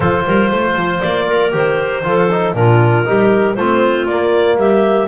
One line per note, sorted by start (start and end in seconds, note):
0.00 0.25 F3
0.00 1.51 F4
0.00 0.25 A4
0.00 1.00 C5
0.26 0.51 G3
0.26 0.49 A#4
0.49 0.75 A3
0.49 1.26 C5
0.75 1.01 F3
1.00 1.53 A#3
1.00 1.51 D5
1.27 2.03 A#4
1.51 2.04 D#3
1.51 2.02 G4
1.51 2.54 C5
2.03 2.53 F3
2.03 2.28 F4
2.03 2.56 A4
2.30 2.55 D#4
2.53 3.04 A#2
2.53 3.05 D4
2.53 3.06 F4
2.53 3.55 A#4
3.05 3.57 G3
3.05 3.55 D#4
3.05 3.55 G4
3.55 4.05 A3
3.55 4.09 C4
3.55 4.57 F4
3.55 4.06 C5
4.05 4.56 A#3
4.05 5.08 A#3
4.05 4.57 D5
4.56 5.07 G3
4.56 5.08 G4
4.56 5.08 E5